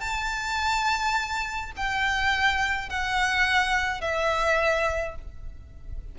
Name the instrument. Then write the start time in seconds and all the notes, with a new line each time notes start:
violin
0.00 A5
1.76 G5
2.89 F#5
4.01 E5